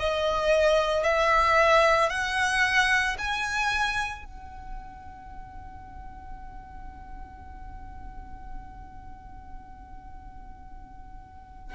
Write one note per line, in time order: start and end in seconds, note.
0.00 1.04 D#5
1.04 2.10 E5
2.10 3.17 F#5
3.19 4.26 G#5
4.26 11.76 F#5